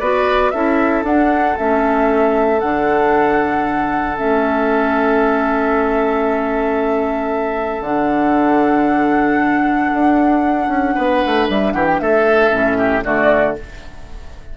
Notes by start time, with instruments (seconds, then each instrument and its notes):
0.00 bassoon B3, clarinet F#4, oboe B4, flute D5
0.51 bassoon C#4, clarinet E4, oboe A4, flute E5
1.03 bassoon D4, clarinet D4, flute F#5
1.57 bassoon A3, clarinet C#4, flute E5
2.60 bassoon D3, clarinet D4, flute F#5
4.17 bassoon A3, clarinet C#4, flute E5
7.81 bassoon D3, clarinet D4, flute F#5
9.94 bassoon D4
10.68 bassoon C#4
10.95 bassoon B3, oboe B4
11.26 bassoon A3
11.49 bassoon G3, flute E5
11.72 bassoon E3, oboe G4, flute F#5
11.86 flute G5
11.99 bassoon A3, oboe A4, flute E5
12.51 bassoon A2, clarinet C#4
12.78 oboe G4
13.04 bassoon D3, clarinet A3, oboe F#4, flute D5